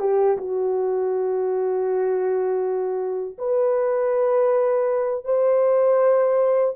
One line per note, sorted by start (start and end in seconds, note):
0.00 0.38 G4
0.38 3.38 F#4
3.39 5.25 B4
5.25 6.75 C5